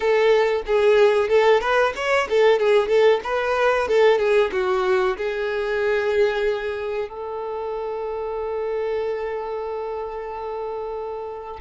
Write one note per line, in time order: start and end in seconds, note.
0.00 0.62 A4
0.66 1.28 G#4
1.28 1.60 A4
1.60 1.93 B4
1.95 2.28 C#5
2.29 2.59 A4
2.59 2.88 G#4
2.88 3.20 A4
3.23 3.88 B4
3.88 4.18 A4
4.18 4.50 G#4
4.52 5.16 F#4
5.17 7.08 G#4
7.08 11.60 A4